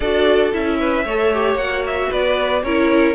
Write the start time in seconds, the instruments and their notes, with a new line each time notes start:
0.00 cello D4, viola F#4, violin A4 D5
0.52 cello C#4, viola E4, violin E5
0.79 violin B4
1.04 cello A3, viola A4, violin C#5
1.33 viola G4
1.54 cello A#3, viola F#4, violin F#5
1.86 violin E5
2.09 cello B3, violin B4 D5
2.63 cello C#4, viola E4, violin A#4 C#5